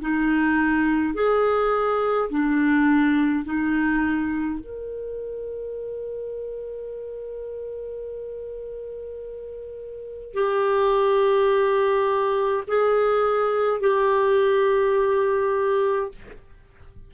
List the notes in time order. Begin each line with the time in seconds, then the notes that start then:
0.00 D#4
1.14 G#4
2.29 D4
3.44 D#4
4.59 A#4
10.33 G4
12.67 G#4
13.80 G4